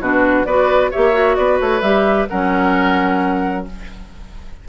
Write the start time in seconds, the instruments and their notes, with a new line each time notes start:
0.00 bassoon B2, clarinet D4, oboe F#4, flute B4
0.45 bassoon B3, clarinet F#4, oboe B4, flute D5
0.91 bassoon A#3, clarinet G4, oboe C#5, flute E5
1.12 clarinet F#4
1.35 bassoon B3, oboe B4, flute D5
1.60 bassoon A3, flute C#5
1.81 bassoon G3, clarinet G4, flute E5
2.29 bassoon F#3, clarinet C#4, oboe A#4, flute F#5